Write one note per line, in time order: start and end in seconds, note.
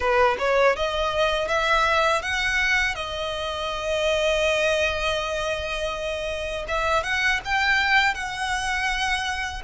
0.00 0.36 B4
0.39 0.75 C#5
0.75 1.47 D#5
1.47 2.22 E5
2.22 2.95 F#5
2.95 6.65 D#5
6.68 7.03 E5
7.03 7.40 F#5
7.44 8.14 G5
8.14 9.62 F#5